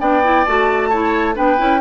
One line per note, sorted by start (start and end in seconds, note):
0.00 0.46 B3
0.00 0.23 D4
0.00 0.90 D5
0.00 0.45 G5
0.23 0.46 E4
0.45 1.38 A3
0.45 0.92 F#4
0.45 1.36 A5
0.90 1.35 E4
0.90 1.36 C#5
1.35 1.60 B3
1.35 1.57 D4
1.35 1.82 B4
1.35 1.82 G5
1.58 1.82 C#4
1.58 1.81 E4